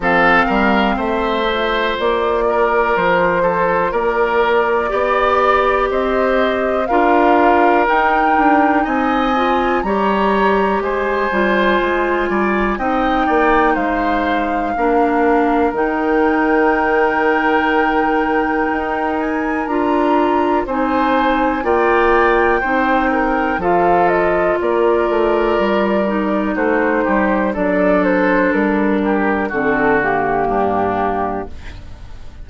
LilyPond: <<
  \new Staff \with { instrumentName = "flute" } { \time 4/4 \tempo 4 = 61 f''4 e''4 d''4 c''4 | d''2 dis''4 f''4 | g''4 gis''4 ais''4 gis''4~ | gis''4 g''4 f''2 |
g''2.~ g''8 gis''8 | ais''4 gis''4 g''2 | f''8 dis''8 d''2 c''4 | d''8 c''8 ais'4 a'8 g'4. | }
  \new Staff \with { instrumentName = "oboe" } { \time 4/4 a'8 ais'8 c''4. ais'4 a'8 | ais'4 d''4 c''4 ais'4~ | ais'4 dis''4 cis''4 c''4~ | c''8 d''8 dis''8 d''8 c''4 ais'4~ |
ais'1~ | ais'4 c''4 d''4 c''8 ais'8 | a'4 ais'2 fis'8 g'8 | a'4. g'8 fis'4 d'4 | }
  \new Staff \with { instrumentName = "clarinet" } { \time 4/4 c'4. f'2~ f'8~ | f'4 g'2 f'4 | dis'4. f'8 g'4. f'8~ | f'4 dis'2 d'4 |
dis'1 | f'4 dis'4 f'4 dis'4 | f'2~ f'8 dis'4. | d'2 c'8 ais4. | }
  \new Staff \with { instrumentName = "bassoon" } { \time 4/4 f8 g8 a4 ais4 f4 | ais4 b4 c'4 d'4 | dis'8 d'8 c'4 g4 gis8 g8 | gis8 g8 c'8 ais8 gis4 ais4 |
dis2. dis'4 | d'4 c'4 ais4 c'4 | f4 ais8 a8 g4 a8 g8 | fis4 g4 d4 g,4 | }
>>